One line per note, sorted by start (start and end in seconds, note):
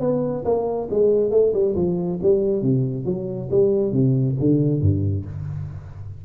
0.00 0.44 B3
0.45 0.88 A#3
0.90 1.31 G#3
1.31 1.52 A3
1.53 1.75 G3
1.75 2.19 F3
2.22 2.62 G3
2.62 3.05 C3
3.05 3.49 F#3
3.51 3.92 G3
3.92 4.36 C3
4.40 4.81 D3
4.81 5.25 G2